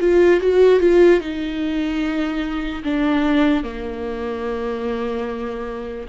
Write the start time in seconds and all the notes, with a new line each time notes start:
0.00 F4
0.40 F#4
0.80 F4
1.21 D#4
2.83 D4
3.63 A#3